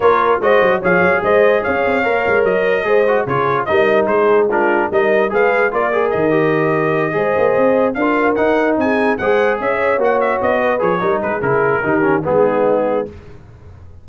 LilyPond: <<
  \new Staff \with { instrumentName = "trumpet" } { \time 4/4 \tempo 4 = 147 cis''4 dis''4 f''4 dis''4 | f''2 dis''2 | cis''4 dis''4 c''4 ais'4 | dis''4 f''4 d''4 dis''4~ |
dis''2.~ dis''8 f''8~ | f''8 fis''4 gis''4 fis''4 e''8~ | e''8 fis''8 e''8 dis''4 cis''4 b'8 | ais'2 gis'2 | }
  \new Staff \with { instrumentName = "horn" } { \time 4/4 ais'4 c''4 cis''4 c''4 | cis''2. c''4 | gis'4 ais'4 gis'4 f'4 | ais'4 b'4 ais'2~ |
ais'4. c''2 ais'8~ | ais'4. gis'4 c''4 cis''8~ | cis''2 b'4 ais'8 gis'8~ | gis'4 g'4 dis'2 | }
  \new Staff \with { instrumentName = "trombone" } { \time 4/4 f'4 fis'4 gis'2~ | gis'4 ais'2 gis'8 fis'8 | f'4 dis'2 d'4 | dis'4 gis'4 f'8 gis'4 g'8~ |
g'4. gis'2 f'8~ | f'8 dis'2 gis'4.~ | gis'8 fis'2 gis'8 dis'4 | e'4 dis'8 cis'8 b2 | }
  \new Staff \with { instrumentName = "tuba" } { \time 4/4 ais4 gis8 fis8 f8 fis8 gis4 | cis'8 c'8 ais8 gis8 fis4 gis4 | cis4 g4 gis2 | g4 gis4 ais4 dis4~ |
dis4. gis8 ais8 c'4 d'8~ | d'8 dis'4 c'4 gis4 cis'8~ | cis'8 ais4 b4 f8 g8 gis8 | cis4 dis4 gis2 | }
>>